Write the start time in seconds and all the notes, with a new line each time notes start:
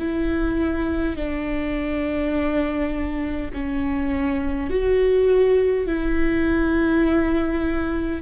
0.00 E4
1.17 D4
3.54 C#4
4.71 F#4
5.87 E4